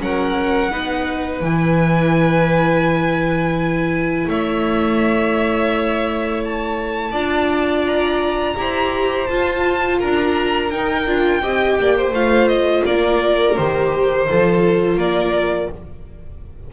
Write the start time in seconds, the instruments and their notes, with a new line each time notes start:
0.00 double bass F#3, viola C#4, violin A#4 F#5
0.71 double bass B3, viola D#4, violin B4
1.41 double bass E3, viola E4, violin G#5
4.28 double bass A3, violin C#5 E5
6.45 violin A5
7.12 double bass D4, viola F4, violin D5
7.87 violin A#5
8.57 double bass E4, viola G4, violin C5
9.27 viola F4, double bass F4, violin A5
9.99 double bass D4, violin A#4 A#5
10.71 viola D#4, double bass D#4, violin G5
11.06 double bass D4, viola F4
11.42 double bass C4, viola G4, violin D#5
11.79 double bass A#3, violin D5
11.97 violin C5
12.11 double bass A3, viola F4, violin F5
12.48 violin D#5
12.86 double bass A#3, violin A#4 D5
13.56 double bass D#3, viola G4, violin C5
14.28 double bass F3, viola F4, violin A4
14.97 double bass A#3, violin A#4 D5